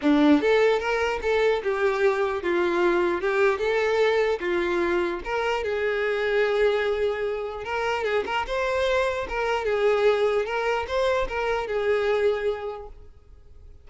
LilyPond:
\new Staff \with { instrumentName = "violin" } { \time 4/4 \tempo 4 = 149 d'4 a'4 ais'4 a'4 | g'2 f'2 | g'4 a'2 f'4~ | f'4 ais'4 gis'2~ |
gis'2. ais'4 | gis'8 ais'8 c''2 ais'4 | gis'2 ais'4 c''4 | ais'4 gis'2. | }